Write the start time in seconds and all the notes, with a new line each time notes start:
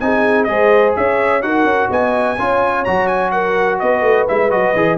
0.00 C4 D#4 G#4 G#5
0.44 G#3 G#4 C5 D#5
0.96 C#4 C#5 E5
1.42 D#4 F#4 A#4 F#5
1.64 C#4
1.90 B3 D#5 G#5
2.38 C#4 F4 C#5
2.85 F#3 F#4 A#5
3.07 G#5
3.31 A#4 F#5
3.79 B3 B4 D#5
4.02 A3
4.28 G#3 E4 E5
4.51 F#3 F#4 D#5
4.76 E3 G#4